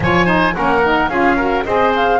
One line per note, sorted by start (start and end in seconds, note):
0.00 0.55 F3
0.00 0.25 F4
0.00 0.25 C#5
0.00 0.54 G#5
0.25 0.53 D#4
0.25 0.53 C5
0.54 1.08 A#3
0.54 0.82 C#4
0.54 1.10 A#4
0.54 1.08 F#5
0.84 1.10 D#4
1.08 1.63 C#4
1.08 1.37 F4
1.08 1.36 G#4
1.08 1.64 F5
1.36 1.65 F#4
1.36 1.63 A#4
1.64 2.19 C4
1.64 2.19 G#4
1.64 2.19 C5
1.64 1.92 D#5
1.96 2.19 F5